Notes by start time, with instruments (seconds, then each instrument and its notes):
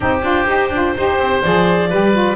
0.00 double bass C4, saxophone D#4, oboe G4, clarinet C5
0.22 double bass D4, saxophone F4
0.46 double bass D#4, saxophone G4
0.70 double bass D4, saxophone F4
0.97 double bass D#4, saxophone G4, oboe C5
1.19 double bass C4
1.42 double bass F3, saxophone G#4, clarinet D5
1.89 double bass G3, saxophone G4, oboe B4
2.12 saxophone F4